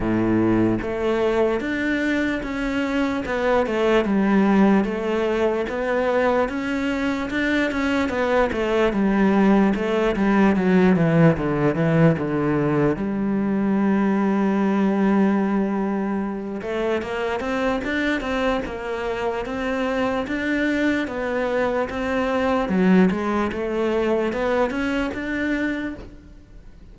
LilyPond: \new Staff \with { instrumentName = "cello" } { \time 4/4 \tempo 4 = 74 a,4 a4 d'4 cis'4 | b8 a8 g4 a4 b4 | cis'4 d'8 cis'8 b8 a8 g4 | a8 g8 fis8 e8 d8 e8 d4 |
g1~ | g8 a8 ais8 c'8 d'8 c'8 ais4 | c'4 d'4 b4 c'4 | fis8 gis8 a4 b8 cis'8 d'4 | }